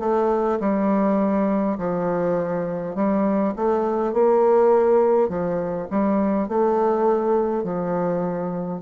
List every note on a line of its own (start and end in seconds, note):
0.00 0.59 A3
0.60 1.78 G3
1.78 2.95 F3
2.95 3.54 G3
3.57 4.13 A3
4.13 5.29 A#3
5.29 5.88 F3
5.91 6.49 G3
6.49 7.64 A3
7.64 8.82 F3